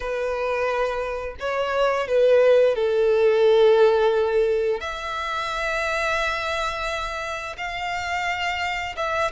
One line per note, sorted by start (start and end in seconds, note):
0.00 1.36 B4
1.39 2.07 C#5
2.07 2.75 B4
2.75 4.80 A4
4.80 7.56 E5
7.57 8.95 F5
8.96 9.31 E5